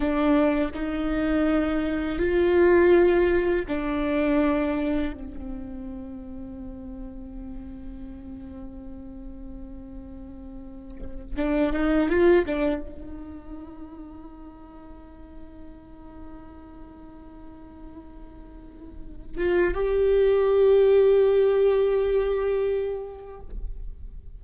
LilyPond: \new Staff \with { instrumentName = "viola" } { \time 4/4 \tempo 4 = 82 d'4 dis'2 f'4~ | f'4 d'2 c'4~ | c'1~ | c'2.~ c'8 d'8 |
dis'8 f'8 d'8 dis'2~ dis'8~ | dis'1~ | dis'2~ dis'8 f'8 g'4~ | g'1 | }